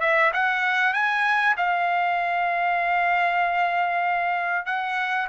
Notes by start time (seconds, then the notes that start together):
0.00 E5
0.33 F#5
0.93 G#5
1.57 F5
4.66 F#5